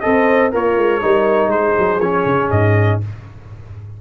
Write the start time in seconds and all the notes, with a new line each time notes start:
0.00 C4 A4 C5 D#5
0.51 A#3 F4 A#4 C#5
0.77 G#3
1.01 G3 D#4 A#4
1.47 G#3 G#4 C5
1.77 F#3
1.99 F3 C#4 C#5
2.25 C#3
2.50 G#2 D#5